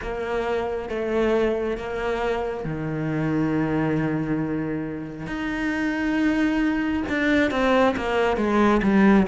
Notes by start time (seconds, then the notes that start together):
0.02 A#3
0.89 A3
1.76 A#3
2.64 D#3
5.26 D#4
7.08 D4
7.50 C4
7.96 A#3
8.37 G#3
8.82 G3